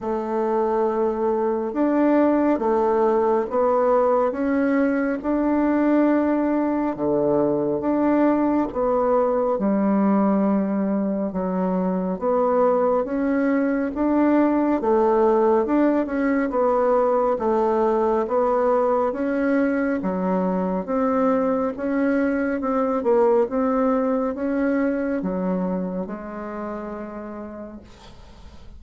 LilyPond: \new Staff \with { instrumentName = "bassoon" } { \time 4/4 \tempo 4 = 69 a2 d'4 a4 | b4 cis'4 d'2 | d4 d'4 b4 g4~ | g4 fis4 b4 cis'4 |
d'4 a4 d'8 cis'8 b4 | a4 b4 cis'4 fis4 | c'4 cis'4 c'8 ais8 c'4 | cis'4 fis4 gis2 | }